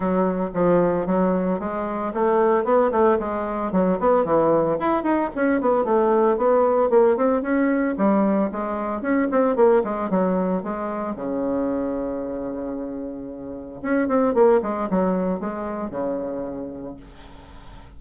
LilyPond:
\new Staff \with { instrumentName = "bassoon" } { \time 4/4 \tempo 4 = 113 fis4 f4 fis4 gis4 | a4 b8 a8 gis4 fis8 b8 | e4 e'8 dis'8 cis'8 b8 a4 | b4 ais8 c'8 cis'4 g4 |
gis4 cis'8 c'8 ais8 gis8 fis4 | gis4 cis2.~ | cis2 cis'8 c'8 ais8 gis8 | fis4 gis4 cis2 | }